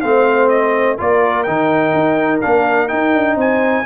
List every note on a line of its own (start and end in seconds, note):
0.00 0.99 A3
0.00 0.97 C4
0.00 0.97 C5
0.00 0.48 F5
0.48 0.96 D#5
0.97 1.47 A#3
0.97 1.45 F4
0.97 3.36 A#4
0.97 1.43 D5
1.43 1.93 D#3
1.43 2.42 D#4
1.43 2.39 G5
1.93 2.41 D#4
2.40 2.93 A#3
2.40 2.88 D4
2.40 2.88 F5
2.88 3.84 D#4
2.88 3.14 D#4
2.88 3.36 G5
3.14 3.35 D4
3.35 3.83 C4
3.35 3.84 C5
3.35 3.86 G#5